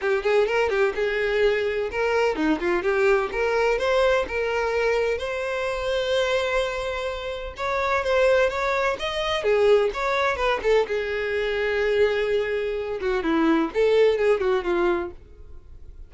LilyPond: \new Staff \with { instrumentName = "violin" } { \time 4/4 \tempo 4 = 127 g'8 gis'8 ais'8 g'8 gis'2 | ais'4 dis'8 f'8 g'4 ais'4 | c''4 ais'2 c''4~ | c''1 |
cis''4 c''4 cis''4 dis''4 | gis'4 cis''4 b'8 a'8 gis'4~ | gis'2.~ gis'8 fis'8 | e'4 a'4 gis'8 fis'8 f'4 | }